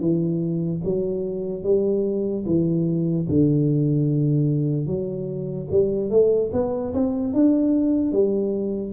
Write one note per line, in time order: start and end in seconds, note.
0.00 0.81 E3
0.84 1.64 F#3
1.64 2.45 G3
2.46 3.27 E3
3.29 4.87 D3
4.87 5.68 F#3
5.71 6.10 G3
6.10 6.51 A3
6.53 6.94 B3
6.94 7.34 C4
7.34 8.12 D4
8.12 8.93 G3